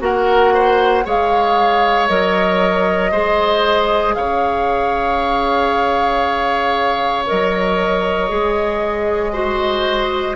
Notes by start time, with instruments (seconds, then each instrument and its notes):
0.00 bassoon A#3, clarinet F#4, oboe A#4, flute F#5
0.55 oboe C5
1.05 bassoon G#3, clarinet G#4, oboe C#5, flute F5
2.09 bassoon F#3, clarinet A#4, flute D#5
3.11 bassoon G#3, clarinet G#4, oboe C5
4.14 bassoon C#3, oboe C#5, flute F5
7.27 bassoon F#3, clarinet A#4, flute D#5
8.29 bassoon G#3, clarinet G#4
9.33 clarinet F#4, oboe C5